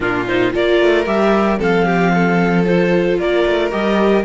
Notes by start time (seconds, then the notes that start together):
0.00 A#2 D4 F4 A#4
0.27 D#4 C5
0.51 A#3 F4 A#4 D5
0.81 A3
1.05 G3 G4 E5
1.57 F3 C4 A4 F5
1.85 G4
2.13 A4
2.65 F4 C5
3.18 A#3 A#4 D5
3.46 A3
3.70 G3 G4 D#5